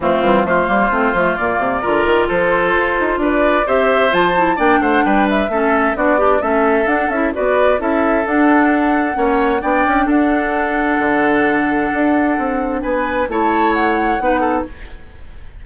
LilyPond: <<
  \new Staff \with { instrumentName = "flute" } { \time 4/4 \tempo 4 = 131 f'4 c''2 d''4~ | d''4 c''2 d''4 | e''4 a''4 g''8 fis''8 g''8 e''8~ | e''4 d''4 e''4 fis''8 e''8 |
d''4 e''4 fis''2~ | fis''4 g''4 fis''2~ | fis''1 | gis''4 a''4 fis''2 | }
  \new Staff \with { instrumentName = "oboe" } { \time 4/4 c'4 f'2. | ais'4 a'2 b'4 | c''2 d''8 c''8 b'4 | a'4 fis'8 d'8 a'2 |
b'4 a'2. | cis''4 d''4 a'2~ | a'1 | b'4 cis''2 b'8 a'8 | }
  \new Staff \with { instrumentName = "clarinet" } { \time 4/4 a8 g8 a8 ais8 c'8 a8 ais4 | f'1 | g'4 f'8 e'8 d'2 | cis'4 d'8 g'8 cis'4 d'8 e'8 |
fis'4 e'4 d'2 | cis'4 d'2.~ | d'1~ | d'4 e'2 dis'4 | }
  \new Staff \with { instrumentName = "bassoon" } { \time 4/4 f8 e8 f8 g8 a8 f8 ais,8 c8 | d8 dis8 f4 f'8 dis'8 d'4 | c'4 f4 ais8 a8 g4 | a4 b4 a4 d'8 cis'8 |
b4 cis'4 d'2 | ais4 b8 cis'8 d'2 | d2 d'4 c'4 | b4 a2 b4 | }
>>